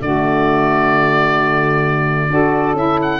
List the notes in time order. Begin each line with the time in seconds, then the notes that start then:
0.00 D3 A3 F#4 D5
2.29 D4 F#4 A4
2.74 C#4 E4 E5
3.02 F#5